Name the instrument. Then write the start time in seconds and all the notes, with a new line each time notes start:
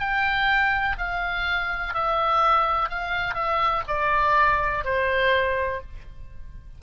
oboe
0.00 G5
0.98 F5
1.94 E5
2.89 F5
3.35 E5
3.88 D5
4.85 C5